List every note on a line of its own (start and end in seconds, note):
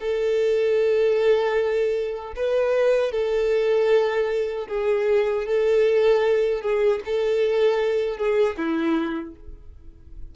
0.00 2.34 A4
2.36 3.12 B4
3.12 4.68 A4
4.68 5.46 G#4
5.46 6.62 A4
6.62 7.01 G#4
7.06 8.17 A4
8.17 8.56 G#4
8.57 9.35 E4